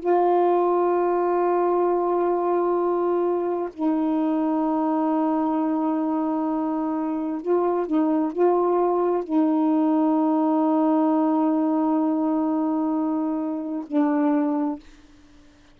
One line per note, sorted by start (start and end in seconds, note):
0.00 3.69 F4
3.73 7.42 D#4
7.42 7.87 F4
7.87 8.32 D#4
8.32 9.23 F4
9.23 13.85 D#4
13.87 14.79 D4